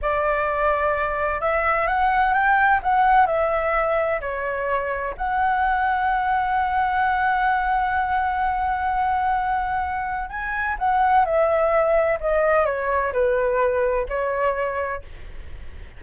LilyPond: \new Staff \with { instrumentName = "flute" } { \time 4/4 \tempo 4 = 128 d''2. e''4 | fis''4 g''4 fis''4 e''4~ | e''4 cis''2 fis''4~ | fis''1~ |
fis''1~ | fis''2 gis''4 fis''4 | e''2 dis''4 cis''4 | b'2 cis''2 | }